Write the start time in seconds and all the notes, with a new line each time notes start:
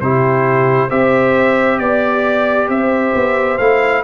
0.00 C3 E4 G4 C5
0.88 C4 G4 C5 E5
1.79 B3 D5
2.68 C4 C5 E5
3.14 B3
3.57 A3 E4 F5